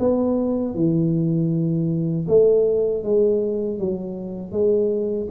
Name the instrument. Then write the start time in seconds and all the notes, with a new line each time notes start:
tuba
0.00 B3
0.75 E3
2.28 A3
3.04 G#3
3.80 F#3
4.52 G#3